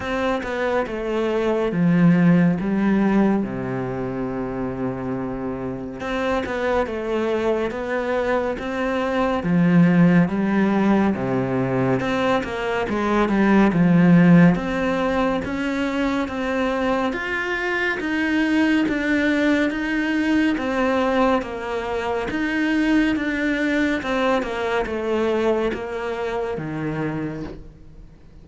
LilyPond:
\new Staff \with { instrumentName = "cello" } { \time 4/4 \tempo 4 = 70 c'8 b8 a4 f4 g4 | c2. c'8 b8 | a4 b4 c'4 f4 | g4 c4 c'8 ais8 gis8 g8 |
f4 c'4 cis'4 c'4 | f'4 dis'4 d'4 dis'4 | c'4 ais4 dis'4 d'4 | c'8 ais8 a4 ais4 dis4 | }